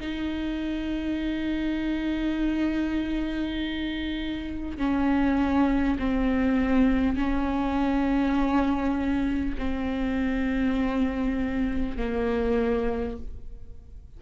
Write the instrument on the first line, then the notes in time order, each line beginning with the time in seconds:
viola
0.00 D#4
4.78 C#4
5.98 C4
7.16 C#4
9.58 C4
11.97 A#3